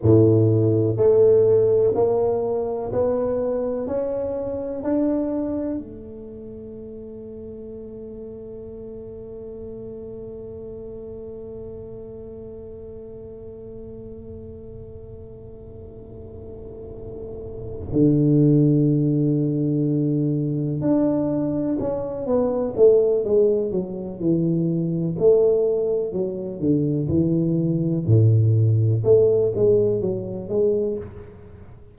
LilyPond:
\new Staff \with { instrumentName = "tuba" } { \time 4/4 \tempo 4 = 62 a,4 a4 ais4 b4 | cis'4 d'4 a2~ | a1~ | a1~ |
a2~ a8 d4.~ | d4. d'4 cis'8 b8 a8 | gis8 fis8 e4 a4 fis8 d8 | e4 a,4 a8 gis8 fis8 gis8 | }